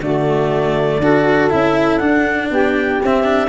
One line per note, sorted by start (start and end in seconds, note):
0.00 0.99 D3
0.00 1.02 A3
0.00 1.00 F#4
0.00 1.50 D5
0.99 1.49 D4
0.99 1.50 F#4
0.99 2.49 A4
1.50 2.01 C#4
1.50 2.00 E4
1.50 1.97 E5
1.97 3.00 D4
1.97 2.50 D4
1.97 2.47 F#5
2.49 3.00 B3
2.49 3.49 G4
2.49 3.02 G5
3.03 3.49 C4
3.03 3.23 C4
3.03 3.49 E5
3.23 3.48 D4